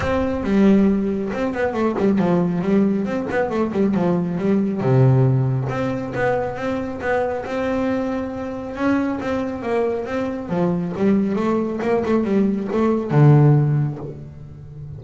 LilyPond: \new Staff \with { instrumentName = "double bass" } { \time 4/4 \tempo 4 = 137 c'4 g2 c'8 b8 | a8 g8 f4 g4 c'8 b8 | a8 g8 f4 g4 c4~ | c4 c'4 b4 c'4 |
b4 c'2. | cis'4 c'4 ais4 c'4 | f4 g4 a4 ais8 a8 | g4 a4 d2 | }